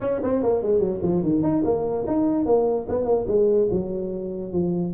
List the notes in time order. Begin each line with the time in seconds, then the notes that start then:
0.00 C#4
0.23 C4
0.42 A#3
0.62 G#3
0.79 F#3
1.02 F3
1.22 D#3
1.42 D#4
1.64 A#3
2.06 D#4
2.45 A#3
2.88 B3
3.05 A#3
3.27 G#3
3.70 F#3
4.52 F3